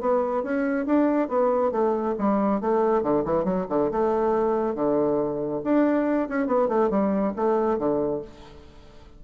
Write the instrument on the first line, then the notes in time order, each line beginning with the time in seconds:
bassoon
0.00 B3
0.43 C#4
0.86 D4
1.28 B3
1.71 A3
2.18 G3
2.60 A3
3.03 D3
3.25 E3
3.44 F#3
3.69 D3
3.91 A3
4.74 D3
5.64 D4
6.28 C#4
6.46 B3
6.68 A3
6.90 G3
7.36 A3
7.78 D3